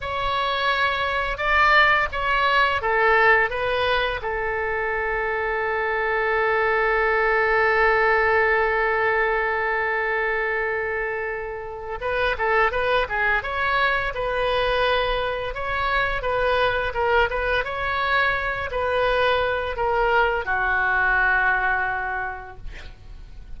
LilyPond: \new Staff \with { instrumentName = "oboe" } { \time 4/4 \tempo 4 = 85 cis''2 d''4 cis''4 | a'4 b'4 a'2~ | a'1~ | a'1~ |
a'4 b'8 a'8 b'8 gis'8 cis''4 | b'2 cis''4 b'4 | ais'8 b'8 cis''4. b'4. | ais'4 fis'2. | }